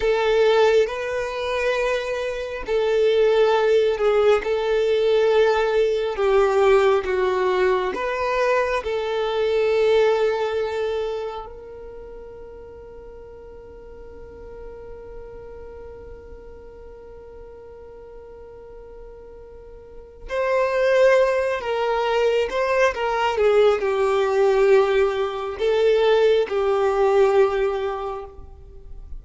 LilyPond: \new Staff \with { instrumentName = "violin" } { \time 4/4 \tempo 4 = 68 a'4 b'2 a'4~ | a'8 gis'8 a'2 g'4 | fis'4 b'4 a'2~ | a'4 ais'2.~ |
ais'1~ | ais'2. c''4~ | c''8 ais'4 c''8 ais'8 gis'8 g'4~ | g'4 a'4 g'2 | }